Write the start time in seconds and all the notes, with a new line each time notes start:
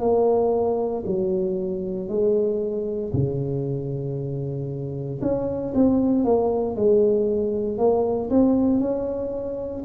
0.00 A#3
1.06 F#3
2.08 G#3
3.13 C#3
5.21 C#4
5.75 C4
6.24 A#3
6.76 G#3
7.78 A#3
8.30 C4
8.80 C#4